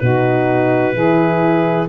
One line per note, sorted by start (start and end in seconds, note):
0.00 0.95 B2
0.00 0.95 D#4
0.00 0.95 F#4
0.00 1.88 B4
0.95 1.88 E3
0.95 1.88 E4
0.95 1.88 G#4